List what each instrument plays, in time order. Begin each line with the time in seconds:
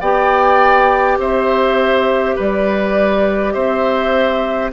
0.00 bassoon B3, clarinet G4, oboe D5, flute G5
1.18 bassoon C4, oboe C5, flute E5
2.35 bassoon G3, oboe B4, flute D5
3.52 bassoon C4, oboe C5, flute E5